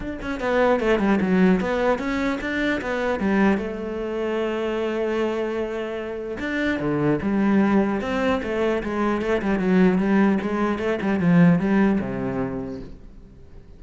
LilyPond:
\new Staff \with { instrumentName = "cello" } { \time 4/4 \tempo 4 = 150 d'8 cis'8 b4 a8 g8 fis4 | b4 cis'4 d'4 b4 | g4 a2.~ | a1 |
d'4 d4 g2 | c'4 a4 gis4 a8 g8 | fis4 g4 gis4 a8 g8 | f4 g4 c2 | }